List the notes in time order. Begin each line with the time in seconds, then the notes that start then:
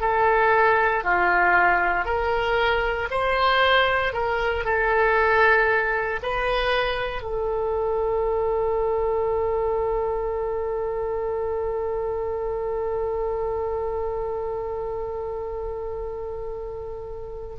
0.00 A4
1.03 F4
2.05 A#4
3.10 C5
4.13 A#4
4.64 A4
6.22 B4
7.22 A4